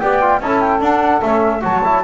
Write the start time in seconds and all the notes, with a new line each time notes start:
0.00 B3 G4 D5 G5
0.22 F4
0.41 C#4 E4 A4 A5
0.61 G5
0.81 D4 F#5
1.22 A3 C#4 E5
1.62 F#3 F#4 C#5 A5
1.84 E4